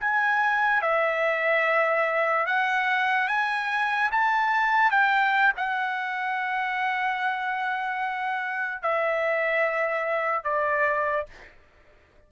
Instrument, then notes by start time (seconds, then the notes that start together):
trumpet
0.00 G#5
0.82 E5
2.46 F#5
3.28 G#5
4.11 A5
4.91 G5
5.56 F#5
8.82 E5
10.44 D5